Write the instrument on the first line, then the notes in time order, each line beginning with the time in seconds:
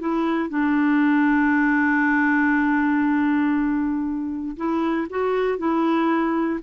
clarinet
0.00 E4
0.50 D4
4.57 E4
5.10 F#4
5.59 E4